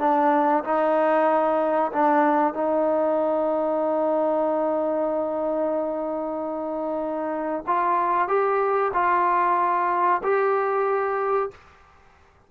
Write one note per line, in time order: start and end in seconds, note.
0.00 0.64 D4
0.64 1.92 D#4
1.93 2.54 D4
2.54 7.65 D#4
7.67 8.28 F4
8.28 8.92 G4
8.94 10.22 F4
10.23 11.51 G4